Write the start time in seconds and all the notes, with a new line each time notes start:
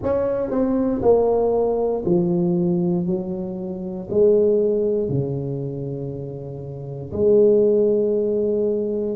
0.02 C#4
0.50 C4
1.02 A#3
2.05 F3
3.06 F#3
4.10 G#3
5.08 C#3
7.12 G#3